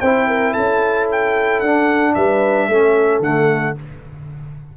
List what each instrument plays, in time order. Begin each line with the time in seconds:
0.00 tuba C4, trombone E4, horn C5, trumpet G5
0.28 horn A#4
0.52 tuba C#4, horn A4, trumpet A5
1.11 trumpet G5
1.60 tuba D4, trombone D4, trumpet F#5
2.14 tuba G3, horn B4, trumpet E5
2.68 tuba A3, trombone C#4, horn A4
3.19 tuba D3, trombone A3, trumpet F#5